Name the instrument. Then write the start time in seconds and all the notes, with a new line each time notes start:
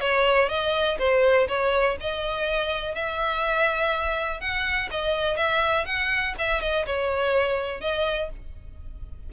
violin
0.00 C#5
0.49 D#5
0.98 C5
1.48 C#5
2.00 D#5
2.94 E5
4.40 F#5
4.90 D#5
5.37 E5
5.85 F#5
6.38 E5
6.61 D#5
6.86 C#5
7.80 D#5